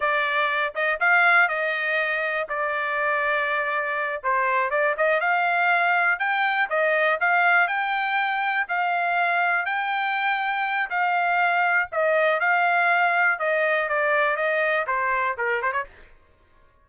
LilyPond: \new Staff \with { instrumentName = "trumpet" } { \time 4/4 \tempo 4 = 121 d''4. dis''8 f''4 dis''4~ | dis''4 d''2.~ | d''8 c''4 d''8 dis''8 f''4.~ | f''8 g''4 dis''4 f''4 g''8~ |
g''4. f''2 g''8~ | g''2 f''2 | dis''4 f''2 dis''4 | d''4 dis''4 c''4 ais'8 c''16 cis''16 | }